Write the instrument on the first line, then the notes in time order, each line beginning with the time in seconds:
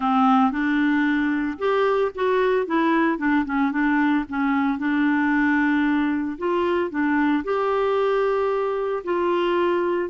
clarinet
0.00 C4
0.51 D4
1.58 G4
2.14 F#4
2.66 E4
3.18 D4
3.45 C#4
3.71 D4
4.28 C#4
4.78 D4
6.38 F4
6.90 D4
7.43 G4
9.04 F4